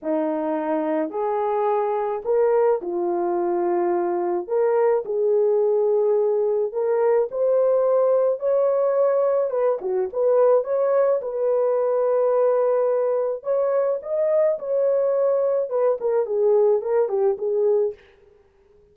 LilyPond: \new Staff \with { instrumentName = "horn" } { \time 4/4 \tempo 4 = 107 dis'2 gis'2 | ais'4 f'2. | ais'4 gis'2. | ais'4 c''2 cis''4~ |
cis''4 b'8 fis'8 b'4 cis''4 | b'1 | cis''4 dis''4 cis''2 | b'8 ais'8 gis'4 ais'8 g'8 gis'4 | }